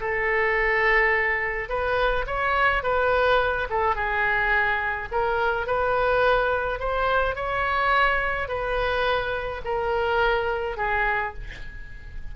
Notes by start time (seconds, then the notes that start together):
0.00 A4
1.69 B4
2.26 C#5
2.83 B4
3.70 A4
3.95 G#4
5.11 A#4
5.67 B4
6.80 C5
7.35 C#5
8.48 B4
9.65 A#4
10.77 G#4